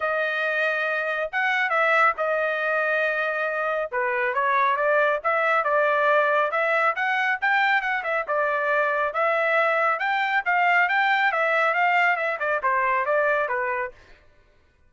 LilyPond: \new Staff \with { instrumentName = "trumpet" } { \time 4/4 \tempo 4 = 138 dis''2. fis''4 | e''4 dis''2.~ | dis''4 b'4 cis''4 d''4 | e''4 d''2 e''4 |
fis''4 g''4 fis''8 e''8 d''4~ | d''4 e''2 g''4 | f''4 g''4 e''4 f''4 | e''8 d''8 c''4 d''4 b'4 | }